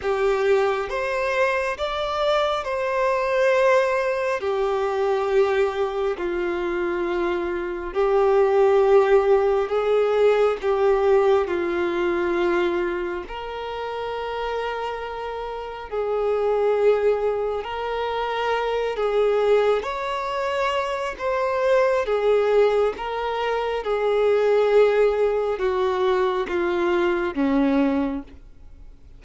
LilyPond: \new Staff \with { instrumentName = "violin" } { \time 4/4 \tempo 4 = 68 g'4 c''4 d''4 c''4~ | c''4 g'2 f'4~ | f'4 g'2 gis'4 | g'4 f'2 ais'4~ |
ais'2 gis'2 | ais'4. gis'4 cis''4. | c''4 gis'4 ais'4 gis'4~ | gis'4 fis'4 f'4 cis'4 | }